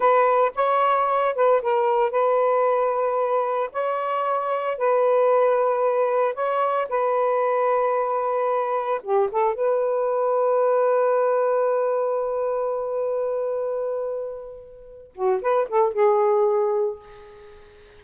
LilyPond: \new Staff \with { instrumentName = "saxophone" } { \time 4/4 \tempo 4 = 113 b'4 cis''4. b'8 ais'4 | b'2. cis''4~ | cis''4 b'2. | cis''4 b'2.~ |
b'4 g'8 a'8 b'2~ | b'1~ | b'1~ | b'8 fis'8 b'8 a'8 gis'2 | }